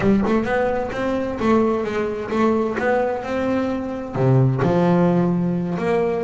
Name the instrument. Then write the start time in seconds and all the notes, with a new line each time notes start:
double bass
0.00 G3
0.26 A3
0.44 B3
0.92 C4
1.39 A3
1.84 G#3
2.30 A3
2.78 B3
3.23 C4
4.15 C3
4.62 F3
5.78 A#3